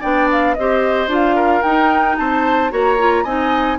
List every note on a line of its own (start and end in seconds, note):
0.00 0.57 B3
0.00 0.55 D4
0.00 0.54 D5
0.00 0.28 G5
0.32 0.54 F5
0.54 1.07 C4
0.54 1.08 G4
0.54 1.35 C5
0.54 1.08 D#5
1.07 1.61 D4
1.07 1.62 F4
1.14 1.62 F5
1.35 2.16 A#4
1.62 2.17 D#4
1.62 2.70 D#4
1.62 2.16 G5
2.17 2.72 C4
2.17 2.71 C5
2.17 2.71 A5
2.70 3.24 A#3
2.70 2.97 F#4
2.70 3.24 C#5
2.70 3.24 A#5
2.98 3.25 F4
3.24 3.78 C4
3.24 3.78 D#4
3.24 3.78 D#5
3.24 3.78 G#5